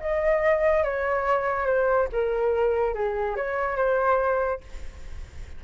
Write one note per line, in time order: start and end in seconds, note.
0.00 0.84 D#5
0.84 1.66 C#5
1.66 2.08 C5
2.12 2.94 A#4
2.94 3.36 G#4
3.36 3.76 C#5
3.76 4.60 C5